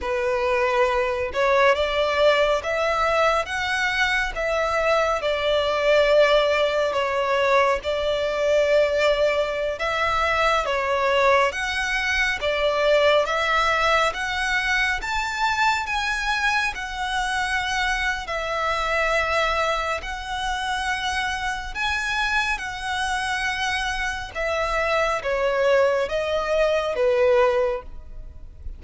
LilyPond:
\new Staff \with { instrumentName = "violin" } { \time 4/4 \tempo 4 = 69 b'4. cis''8 d''4 e''4 | fis''4 e''4 d''2 | cis''4 d''2~ d''16 e''8.~ | e''16 cis''4 fis''4 d''4 e''8.~ |
e''16 fis''4 a''4 gis''4 fis''8.~ | fis''4 e''2 fis''4~ | fis''4 gis''4 fis''2 | e''4 cis''4 dis''4 b'4 | }